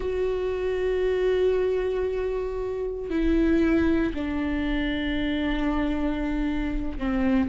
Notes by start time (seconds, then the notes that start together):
0.00 F#4
3.09 E4
4.14 D4
6.98 C4